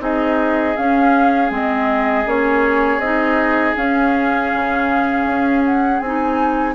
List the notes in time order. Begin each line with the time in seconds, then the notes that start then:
0.00 C4 D#4 G#4 D#5
0.77 C#4 F5
1.51 G#3 C4 D#5
2.26 A#3 C#4 C#5
2.99 C4 D#4 D#5
3.76 C#4 F5
4.54 C#3
5.26 C#4
5.65 F#5
6.00 C4 G#5
6.06 D#4